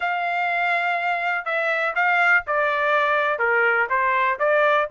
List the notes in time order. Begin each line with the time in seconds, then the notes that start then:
0.00 F5
1.45 E5
1.95 F5
2.47 D5
3.38 A#4
3.89 C5
4.39 D5